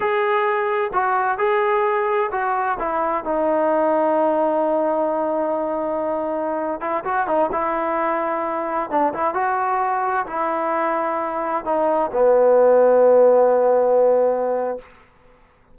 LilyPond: \new Staff \with { instrumentName = "trombone" } { \time 4/4 \tempo 4 = 130 gis'2 fis'4 gis'4~ | gis'4 fis'4 e'4 dis'4~ | dis'1~ | dis'2~ dis'8. e'8 fis'8 dis'16~ |
dis'16 e'2. d'8 e'16~ | e'16 fis'2 e'4.~ e'16~ | e'4~ e'16 dis'4 b4.~ b16~ | b1 | }